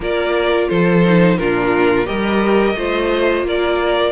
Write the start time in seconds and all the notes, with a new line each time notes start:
0.00 A#3 F4 A#4 D5
0.68 F3 A4 C5
1.04 D#4
1.38 A#2 D4 F4 A#4
2.05 G3 G4 A#4 D#5
2.74 A3 F4 C5
3.42 A#3 A#4 D5